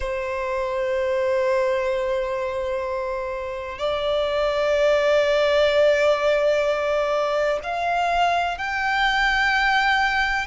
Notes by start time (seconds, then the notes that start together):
0.00 C5
3.78 D5
7.63 F5
8.58 G5